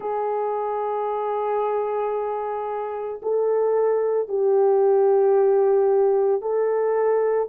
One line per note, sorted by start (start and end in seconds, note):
0.00 3.20 G#4
3.22 4.28 A4
4.28 6.41 G4
6.41 7.48 A4